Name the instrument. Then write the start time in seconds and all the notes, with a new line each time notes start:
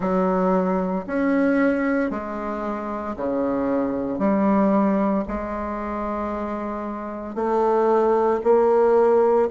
bassoon
0.00 F#3
1.06 C#4
2.10 G#3
3.16 C#3
4.18 G3
5.27 G#3
7.35 A3
8.43 A#3